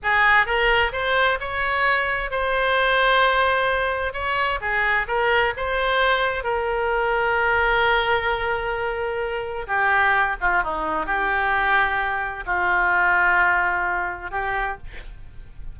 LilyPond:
\new Staff \with { instrumentName = "oboe" } { \time 4/4 \tempo 4 = 130 gis'4 ais'4 c''4 cis''4~ | cis''4 c''2.~ | c''4 cis''4 gis'4 ais'4 | c''2 ais'2~ |
ais'1~ | ais'4 g'4. f'8 dis'4 | g'2. f'4~ | f'2. g'4 | }